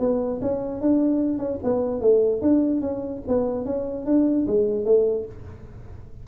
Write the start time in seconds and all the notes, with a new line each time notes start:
0.00 B3
0.42 C#4
0.81 D4
1.39 C#4
1.64 B3
2.01 A3
2.42 D4
2.82 C#4
3.28 B3
3.66 C#4
4.06 D4
4.48 G#3
4.85 A3